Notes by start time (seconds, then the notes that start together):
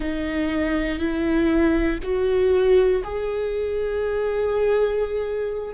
0.00 D#4
0.99 E4
2.02 F#4
3.03 G#4